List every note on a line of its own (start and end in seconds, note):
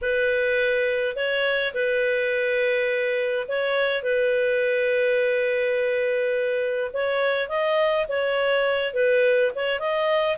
0.01 1.15 B4
1.15 1.73 C#5
1.74 3.47 B4
3.48 4.02 C#5
4.02 6.91 B4
6.93 7.48 C#5
7.48 8.06 D#5
8.08 8.93 C#5
8.93 9.51 B4
9.55 9.79 C#5
9.79 10.37 D#5